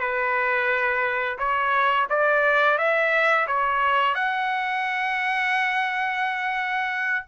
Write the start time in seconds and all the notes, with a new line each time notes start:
0.00 B4
1.38 C#5
2.10 D5
2.78 E5
3.47 C#5
4.15 F#5